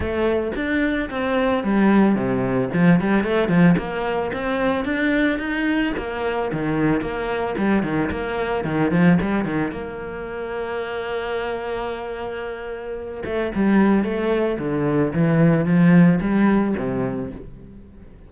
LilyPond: \new Staff \with { instrumentName = "cello" } { \time 4/4 \tempo 4 = 111 a4 d'4 c'4 g4 | c4 f8 g8 a8 f8 ais4 | c'4 d'4 dis'4 ais4 | dis4 ais4 g8 dis8 ais4 |
dis8 f8 g8 dis8 ais2~ | ais1~ | ais8 a8 g4 a4 d4 | e4 f4 g4 c4 | }